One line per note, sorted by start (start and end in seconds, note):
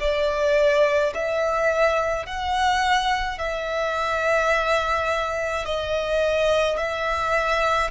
0.00 1.13 D5
1.15 2.26 E5
2.26 3.39 F#5
3.39 5.65 E5
5.66 6.78 D#5
6.78 7.91 E5